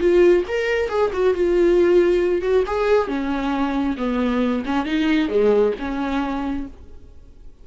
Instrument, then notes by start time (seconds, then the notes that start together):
viola
0.00 F4
0.48 A#4
0.89 G#4
1.13 F#4
1.34 F4
2.42 F#4
2.67 G#4
3.08 C#4
3.98 B3
4.66 C#4
4.86 D#4
5.29 G#3
5.79 C#4